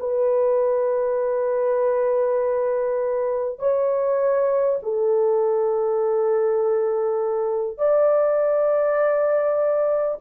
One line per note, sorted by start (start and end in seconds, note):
0.00 3.59 B4
3.59 4.79 C#5
4.83 7.78 A4
7.78 10.18 D5